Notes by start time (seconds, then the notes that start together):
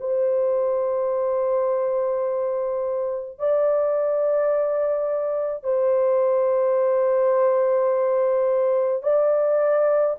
0.00 C5
3.39 D5
5.63 C5
9.03 D5